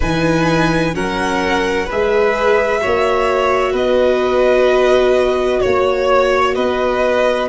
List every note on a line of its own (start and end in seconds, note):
0.00 0.95 E3
0.00 0.94 D#4
0.00 0.94 B4
0.00 0.95 G#5
0.94 1.88 F#3
0.94 1.87 C#4
0.94 1.86 A#4
0.94 1.89 F#5
1.86 2.85 G#3
1.86 2.80 G#4
1.86 2.79 B4
1.86 3.76 E5
2.80 3.73 A#3
2.80 7.49 F#4
2.80 3.72 C#5
3.72 5.60 B3
3.72 5.60 B4
3.72 5.60 D#5
5.60 6.56 A#3
5.60 6.54 C#5
5.60 6.55 C#5
6.54 7.49 B3
6.54 7.49 B4
6.54 7.48 D#5